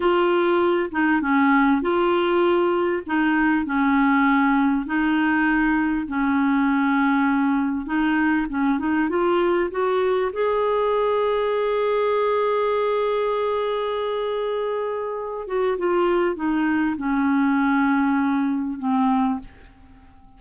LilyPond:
\new Staff \with { instrumentName = "clarinet" } { \time 4/4 \tempo 4 = 99 f'4. dis'8 cis'4 f'4~ | f'4 dis'4 cis'2 | dis'2 cis'2~ | cis'4 dis'4 cis'8 dis'8 f'4 |
fis'4 gis'2.~ | gis'1~ | gis'4. fis'8 f'4 dis'4 | cis'2. c'4 | }